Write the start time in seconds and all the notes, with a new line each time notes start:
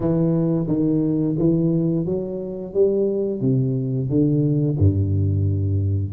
0.00 E3
0.67 D#3
1.38 E3
2.05 F#3
2.73 G3
3.41 C3
4.09 D3
4.78 G2